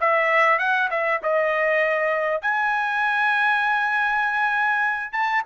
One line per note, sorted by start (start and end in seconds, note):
0.00 0.59 E5
0.59 0.89 F#5
0.90 1.20 E5
1.23 2.42 D#5
2.42 5.12 G#5
5.12 5.43 A5